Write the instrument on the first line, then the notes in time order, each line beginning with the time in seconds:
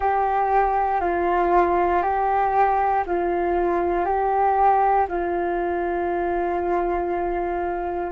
flute
0.00 G4
1.00 F4
2.02 G4
3.06 F4
4.04 G4
5.08 F4